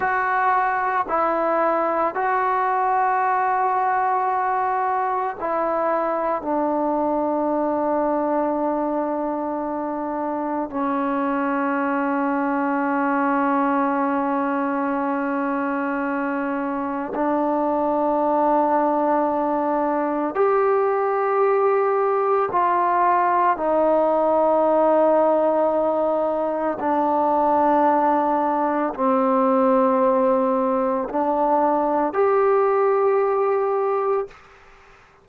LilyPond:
\new Staff \with { instrumentName = "trombone" } { \time 4/4 \tempo 4 = 56 fis'4 e'4 fis'2~ | fis'4 e'4 d'2~ | d'2 cis'2~ | cis'1 |
d'2. g'4~ | g'4 f'4 dis'2~ | dis'4 d'2 c'4~ | c'4 d'4 g'2 | }